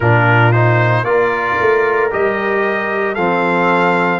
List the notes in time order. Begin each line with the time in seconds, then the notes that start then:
0.00 A#2 D4 F4 A#4
0.52 D#4 C5
1.03 A#3 F4 A#4 D5
1.60 A3
2.11 G3 G4 D#5
3.14 F3 C4 A4 F5